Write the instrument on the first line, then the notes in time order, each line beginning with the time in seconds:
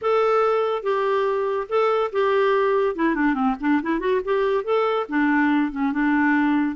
clarinet
0.01 A4
0.82 G4
1.68 A4
2.12 G4
2.95 E4
3.15 D4
3.34 C4
3.60 D4
3.82 E4
3.99 F#4
4.24 G4
4.64 A4
5.09 D4
5.71 C#4
5.92 D4